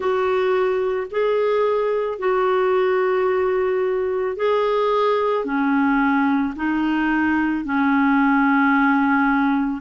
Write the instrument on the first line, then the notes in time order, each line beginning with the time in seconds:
clarinet
0.00 F#4
1.11 G#4
2.18 F#4
4.36 G#4
5.44 C#4
6.56 D#4
7.64 C#4